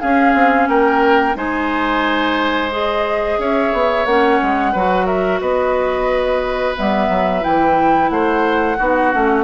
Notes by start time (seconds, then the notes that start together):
0.00 C#4 G#4 F5
0.34 C4
0.68 A#3 A#4 G5
1.35 G#3 D#4 C5 G#5
2.71 G#4 D#5
3.38 C#4 C#5 E5
3.73 B3
4.05 A#3 C#4 F#5
4.42 G#3
4.72 F#3 F#4 B4
5.06 A#4 E5
5.40 B3 B4 D#5
6.76 G3 B3 E5
7.09 F#3
7.41 E3 E4 G5
8.09 A3 C5 F#5
8.77 B3 D#4 F#4
9.12 A3 C#4